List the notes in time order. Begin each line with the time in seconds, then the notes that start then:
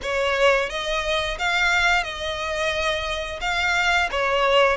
0.02 C#5
0.69 D#5
1.38 F5
2.03 D#5
3.41 F5
4.11 C#5